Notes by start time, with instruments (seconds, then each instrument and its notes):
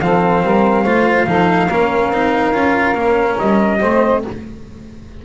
0.00 double bass F3, cello C4, saxophone A4, trumpet F5
0.43 double bass G3, saxophone A#4
0.83 double bass A3, cello F4, saxophone C5
1.26 double bass F3, cello D#4, saxophone A4
1.67 double bass A#3, cello C#4, saxophone A#4
2.09 double bass C4, cello D#4
2.51 double bass C#4, cello F4
2.94 double bass A#3, cello C#4
3.38 double bass G3, trumpet D#5
3.80 double bass A3, cello C4, saxophone C5